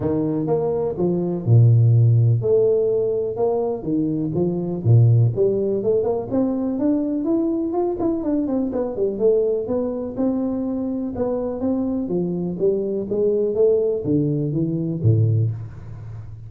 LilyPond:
\new Staff \with { instrumentName = "tuba" } { \time 4/4 \tempo 4 = 124 dis4 ais4 f4 ais,4~ | ais,4 a2 ais4 | dis4 f4 ais,4 g4 | a8 ais8 c'4 d'4 e'4 |
f'8 e'8 d'8 c'8 b8 g8 a4 | b4 c'2 b4 | c'4 f4 g4 gis4 | a4 d4 e4 a,4 | }